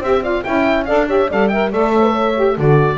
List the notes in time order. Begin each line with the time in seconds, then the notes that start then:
0.00 C4 G4 C5 E5
0.22 F4 D5 F5
0.44 C#4 E4 E5 G5
0.85 D4 A4 D5 F5
1.07 G4 C#5 E5
1.29 G3 A4 D5 F5
1.48 A#4 E5 G5
1.72 A3 A4 D5 E5
1.93 C#5
2.03 B4
2.12 C#5
2.36 G4
2.55 D3 F#4 A4 D5